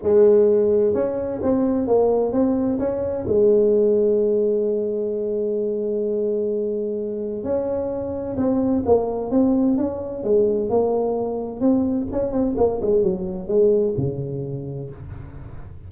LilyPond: \new Staff \with { instrumentName = "tuba" } { \time 4/4 \tempo 4 = 129 gis2 cis'4 c'4 | ais4 c'4 cis'4 gis4~ | gis1~ | gis1 |
cis'2 c'4 ais4 | c'4 cis'4 gis4 ais4~ | ais4 c'4 cis'8 c'8 ais8 gis8 | fis4 gis4 cis2 | }